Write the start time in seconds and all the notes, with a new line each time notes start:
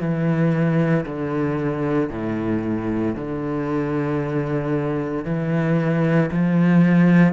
0.00 E3
1.06 D3
2.10 A2
3.15 D3
5.25 E3
6.32 F3